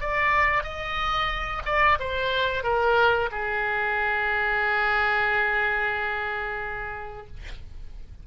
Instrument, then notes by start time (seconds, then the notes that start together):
oboe
0.00 D5
0.63 D#5
1.65 D5
1.99 C5
2.63 A#4
3.31 G#4